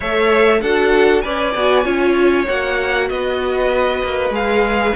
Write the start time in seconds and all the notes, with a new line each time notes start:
0.00 A3 A4 C#5 E5
0.61 D4 F#4 A4 F#5
1.21 C#4 B4 D5 G#5
1.55 B3 F#4
1.84 C#4 F4 C#5
2.47 A#3 F#4 F#5
3.09 B3 B4 D#5
4.03 A#3
4.30 G#3 G#4 F5